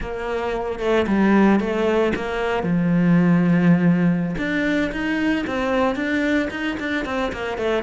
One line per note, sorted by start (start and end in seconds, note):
0.00 0.79 A#3
0.79 1.05 A3
1.07 1.59 G3
1.59 2.12 A3
2.15 2.63 A#3
2.63 4.35 F3
4.38 4.91 D4
4.92 5.45 D#4
5.46 5.95 C4
5.95 6.48 D4
6.50 6.77 D#4
6.79 7.05 D4
7.05 7.32 C4
7.32 7.57 A#3
7.57 7.83 A3